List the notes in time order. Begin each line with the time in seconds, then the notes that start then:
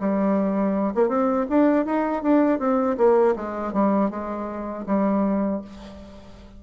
0.00 G3
0.95 A#3
1.09 C4
1.49 D4
1.85 D#4
2.23 D4
2.59 C4
2.98 A#3
3.36 G#3
3.73 G3
4.10 G#3
4.86 G3